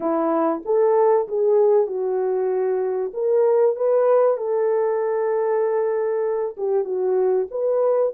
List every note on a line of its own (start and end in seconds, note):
0.00 0.62 E4
0.65 1.27 A4
1.28 1.86 G#4
1.86 3.11 F#4
3.13 3.76 A#4
3.76 4.37 B4
4.37 6.55 A4
6.57 6.84 G4
6.84 7.47 F#4
7.51 8.13 B4